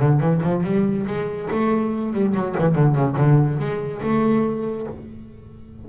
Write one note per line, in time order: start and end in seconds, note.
0.00 0.21 D3
0.21 0.42 E3
0.44 0.64 F3
0.64 1.06 G3
1.07 1.49 G#3
1.51 2.13 A3
2.13 2.35 G3
2.35 2.56 F#3
2.59 2.75 E3
2.75 2.95 D3
2.95 3.17 C#3
3.17 3.59 D3
3.59 4.02 G#3
4.03 4.87 A3